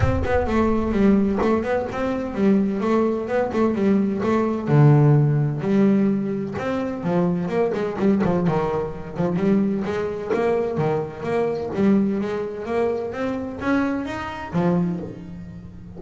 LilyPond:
\new Staff \with { instrumentName = "double bass" } { \time 4/4 \tempo 4 = 128 c'8 b8 a4 g4 a8 b8 | c'4 g4 a4 b8 a8 | g4 a4 d2 | g2 c'4 f4 |
ais8 gis8 g8 f8 dis4. f8 | g4 gis4 ais4 dis4 | ais4 g4 gis4 ais4 | c'4 cis'4 dis'4 f4 | }